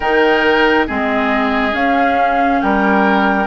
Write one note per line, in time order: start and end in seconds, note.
0.00 0.86 D#3
0.00 0.87 D#4
0.00 0.86 A#4
0.00 0.87 G5
0.86 1.73 G#3
0.86 1.71 C4
0.86 2.60 G#4
0.86 1.75 D#5
1.71 3.45 C#4
1.71 2.60 C#4
1.71 2.61 F5
2.61 3.46 G3
2.61 3.46 A#4
2.61 3.46 G5